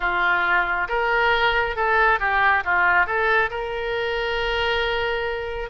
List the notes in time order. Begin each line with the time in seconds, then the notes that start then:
0.00 F4
0.88 A#4
1.76 A4
2.19 G4
2.64 F4
3.06 A4
3.50 A#4